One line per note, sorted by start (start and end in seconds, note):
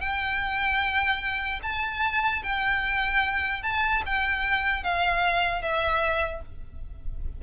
0.00 1.60 G5
1.62 2.42 A5
2.43 3.62 G5
3.62 4.02 A5
4.05 4.83 G5
4.83 5.61 F5
5.61 6.41 E5